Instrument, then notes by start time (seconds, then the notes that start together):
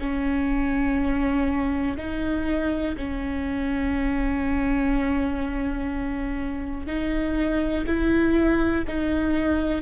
viola
0.00 C#4
1.97 D#4
2.97 C#4
6.87 D#4
7.87 E4
8.87 D#4